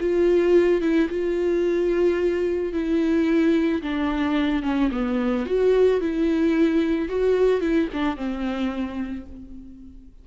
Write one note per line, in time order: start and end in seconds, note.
0.00 0.81 F4
0.81 1.08 E4
1.09 2.72 F4
2.72 3.82 E4
3.82 4.62 D4
4.62 4.90 C#4
4.91 5.45 B3
5.46 6.00 F#4
6.00 7.08 E4
7.08 7.60 F#4
7.60 7.88 E4
7.93 8.16 D4
8.16 9.25 C4